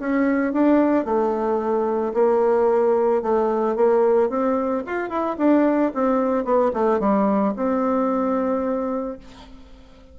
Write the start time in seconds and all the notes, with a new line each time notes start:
0.00 C#4
0.53 D4
1.05 A3
2.14 A#3
3.23 A3
3.76 A#3
4.30 C4
4.86 F4
5.10 E4
5.38 D4
5.95 C4
6.45 B3
6.73 A3
7.00 G3
7.57 C4